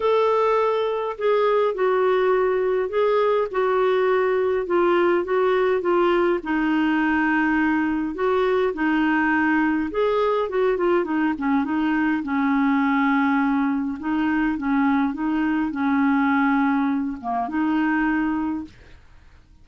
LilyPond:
\new Staff \with { instrumentName = "clarinet" } { \time 4/4 \tempo 4 = 103 a'2 gis'4 fis'4~ | fis'4 gis'4 fis'2 | f'4 fis'4 f'4 dis'4~ | dis'2 fis'4 dis'4~ |
dis'4 gis'4 fis'8 f'8 dis'8 cis'8 | dis'4 cis'2. | dis'4 cis'4 dis'4 cis'4~ | cis'4. ais8 dis'2 | }